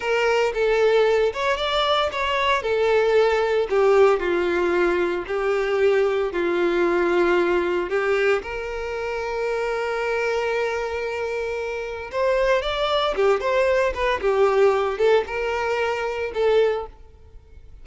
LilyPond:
\new Staff \with { instrumentName = "violin" } { \time 4/4 \tempo 4 = 114 ais'4 a'4. cis''8 d''4 | cis''4 a'2 g'4 | f'2 g'2 | f'2. g'4 |
ais'1~ | ais'2. c''4 | d''4 g'8 c''4 b'8 g'4~ | g'8 a'8 ais'2 a'4 | }